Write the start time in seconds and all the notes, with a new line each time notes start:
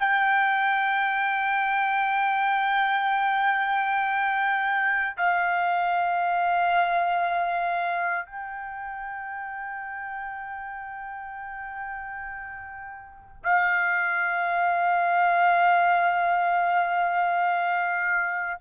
0.00 G5
5.18 F5
8.26 G5
13.44 F5